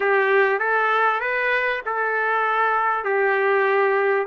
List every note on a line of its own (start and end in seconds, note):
0.00 0.59 G4
0.59 1.20 A4
1.20 1.81 B4
1.85 3.04 A4
3.04 4.26 G4